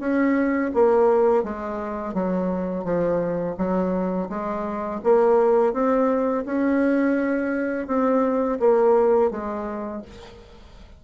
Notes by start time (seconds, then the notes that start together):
0.00 C#4
0.74 A#3
1.44 G#3
2.15 F#3
2.85 F3
3.58 F#3
4.30 G#3
5.04 A#3
5.74 C4
6.46 C#4
7.88 C4
8.60 A#3
9.31 G#3